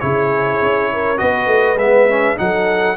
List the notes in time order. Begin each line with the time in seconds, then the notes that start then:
0.00 C#3 E4 G#4 C#5
0.62 C#4
0.93 A#4
1.17 B3 F#4 B4 D#5
1.47 A3
1.76 G#3 B3 E5
2.09 C#4
2.37 F#3 D#4 A4 F#5